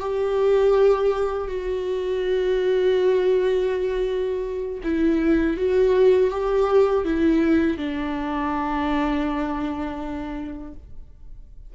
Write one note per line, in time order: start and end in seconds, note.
0.00 1.48 G4
1.48 4.81 F#4
4.84 5.57 E4
5.57 6.31 F#4
6.31 7.05 G4
7.05 7.78 E4
7.78 10.74 D4